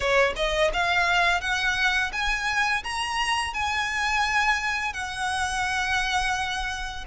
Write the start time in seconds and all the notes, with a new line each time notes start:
0.00 C#5
0.36 D#5
0.73 F5
1.41 F#5
2.12 G#5
2.83 A#5
3.53 G#5
4.93 F#5